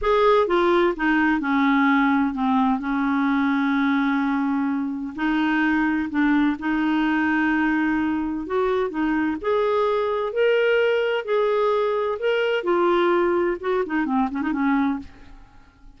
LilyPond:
\new Staff \with { instrumentName = "clarinet" } { \time 4/4 \tempo 4 = 128 gis'4 f'4 dis'4 cis'4~ | cis'4 c'4 cis'2~ | cis'2. dis'4~ | dis'4 d'4 dis'2~ |
dis'2 fis'4 dis'4 | gis'2 ais'2 | gis'2 ais'4 f'4~ | f'4 fis'8 dis'8 c'8 cis'16 dis'16 cis'4 | }